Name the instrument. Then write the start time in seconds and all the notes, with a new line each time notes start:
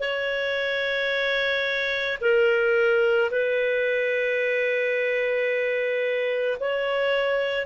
clarinet
0.00 C#5
2.21 A#4
3.31 B4
6.60 C#5